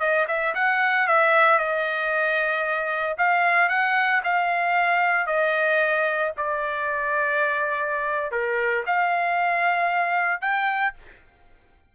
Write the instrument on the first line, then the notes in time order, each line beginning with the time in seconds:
trumpet
0.00 D#5
0.28 E5
0.55 F#5
1.08 E5
1.59 D#5
3.18 F5
3.69 F#5
4.24 F5
5.27 D#5
6.37 D5
8.32 A#4
8.87 F5
10.42 G5